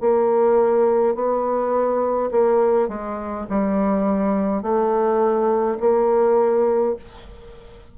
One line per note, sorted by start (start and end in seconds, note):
0.00 1.14 A#3
1.14 2.30 B3
2.31 2.88 A#3
2.88 3.46 G#3
3.49 4.62 G3
4.62 5.77 A3
5.80 6.95 A#3